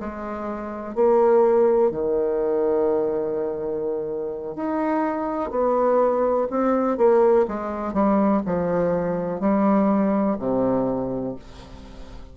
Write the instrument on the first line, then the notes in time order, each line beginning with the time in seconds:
bassoon
0.00 G#3
0.95 A#3
1.91 D#3
4.56 D#4
5.51 B3
6.51 C4
6.98 A#3
7.48 G#3
7.94 G3
8.46 F3
9.40 G3
10.39 C3